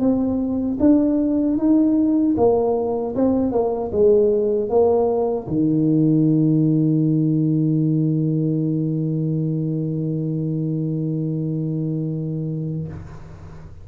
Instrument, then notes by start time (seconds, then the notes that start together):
tuba
0.00 C4
0.80 D4
1.58 D#4
2.37 A#3
3.16 C4
3.52 A#3
3.92 G#3
4.69 A#3
5.48 D#3